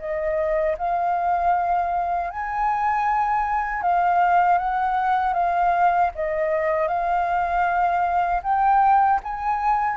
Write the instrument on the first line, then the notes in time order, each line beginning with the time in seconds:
flute
0.00 D#5
0.78 F5
2.30 G#5
3.83 F5
4.59 F#5
5.34 F5
6.16 D#5
6.88 F5
8.44 G5
9.24 G#5